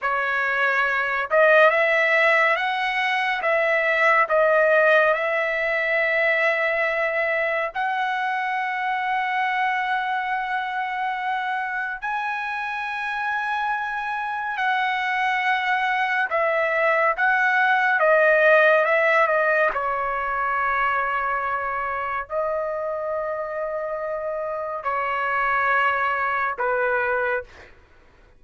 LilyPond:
\new Staff \with { instrumentName = "trumpet" } { \time 4/4 \tempo 4 = 70 cis''4. dis''8 e''4 fis''4 | e''4 dis''4 e''2~ | e''4 fis''2.~ | fis''2 gis''2~ |
gis''4 fis''2 e''4 | fis''4 dis''4 e''8 dis''8 cis''4~ | cis''2 dis''2~ | dis''4 cis''2 b'4 | }